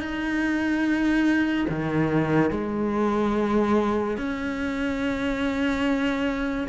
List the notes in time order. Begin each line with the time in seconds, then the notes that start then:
0.00 D#4
1.70 D#3
2.51 G#3
4.18 C#4